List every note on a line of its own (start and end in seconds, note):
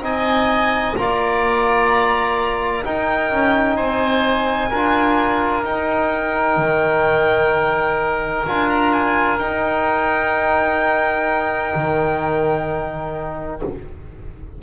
0.00 0.94 C4
0.00 0.96 D#4
0.00 0.97 D#5
0.00 0.96 G#5
0.96 2.85 A#3
0.96 2.84 F4
0.96 2.85 D5
0.96 2.84 A#5
2.84 4.72 D#4
2.84 3.31 D#4
2.84 3.76 A#4
2.84 3.76 G5
3.31 3.78 C#4
3.76 4.72 C4
3.76 4.70 C5
3.76 5.64 G#5
4.70 5.64 D4
4.70 5.65 F4
4.70 13.60 A#4
5.64 6.57 D#4
5.64 8.46 D#4
5.64 8.46 G5
6.57 8.44 D#3
8.46 9.40 D4
8.46 9.40 F4
8.46 8.69 G#5
8.69 8.93 A#5
8.93 9.39 G#5
9.39 13.62 D#4
9.39 11.74 D#4
9.39 13.61 G5
11.75 13.62 D#3